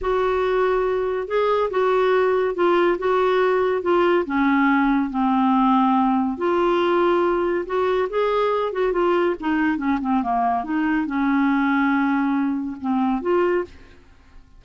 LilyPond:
\new Staff \with { instrumentName = "clarinet" } { \time 4/4 \tempo 4 = 141 fis'2. gis'4 | fis'2 f'4 fis'4~ | fis'4 f'4 cis'2 | c'2. f'4~ |
f'2 fis'4 gis'4~ | gis'8 fis'8 f'4 dis'4 cis'8 c'8 | ais4 dis'4 cis'2~ | cis'2 c'4 f'4 | }